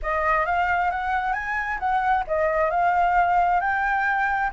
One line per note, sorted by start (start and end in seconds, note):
0.02 0.45 D#5
0.45 0.90 F5
0.90 1.33 F#5
1.33 1.78 G#5
1.79 2.24 F#5
2.27 2.70 D#5
2.70 3.60 F5
3.60 4.50 G5